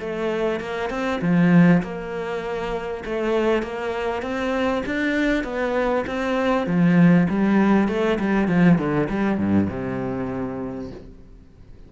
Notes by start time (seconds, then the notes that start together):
0.00 A3
0.61 A#3
0.90 C4
1.22 F3
1.83 A#3
3.06 A3
3.63 A#3
4.23 C4
4.86 D4
5.44 B3
6.07 C4
6.67 F3
7.30 G3
7.89 A3
8.20 G3
8.48 F3
8.79 D3
9.10 G3
9.38 G2
9.70 C3